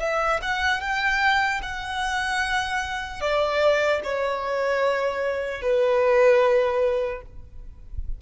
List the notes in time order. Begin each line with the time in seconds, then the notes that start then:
0.00 E5
0.42 F#5
0.81 G5
1.62 F#5
3.21 D5
4.03 C#5
5.62 B4